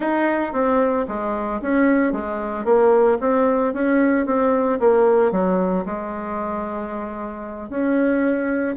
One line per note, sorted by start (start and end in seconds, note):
0.00 0.52 D#4
0.52 1.05 C4
1.07 1.60 G#3
1.61 2.12 C#4
2.12 2.64 G#3
2.64 3.17 A#3
3.20 3.73 C4
3.73 4.26 C#4
4.26 4.79 C4
4.79 5.31 A#3
5.31 5.84 F#3
5.85 7.69 G#3
7.69 8.75 C#4